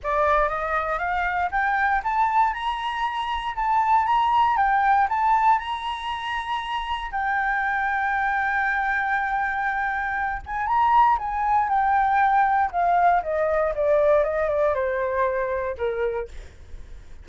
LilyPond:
\new Staff \with { instrumentName = "flute" } { \time 4/4 \tempo 4 = 118 d''4 dis''4 f''4 g''4 | a''4 ais''2 a''4 | ais''4 g''4 a''4 ais''4~ | ais''2 g''2~ |
g''1~ | g''8 gis''8 ais''4 gis''4 g''4~ | g''4 f''4 dis''4 d''4 | dis''8 d''8 c''2 ais'4 | }